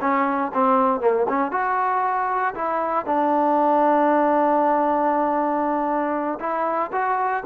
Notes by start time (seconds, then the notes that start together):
0.00 C#4
0.53 C4
1.00 A#3
1.28 C#4
1.51 F#4
2.54 E4
3.05 D4
6.39 E4
6.92 F#4